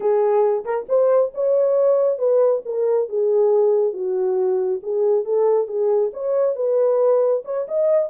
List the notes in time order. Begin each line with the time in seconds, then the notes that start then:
0.00 G#4
0.64 A#4
0.88 C5
1.34 C#5
2.18 B4
2.65 A#4
3.09 G#4
3.93 F#4
4.82 G#4
5.25 A4
5.67 G#4
6.13 C#5
6.55 B4
7.45 C#5
7.68 D#5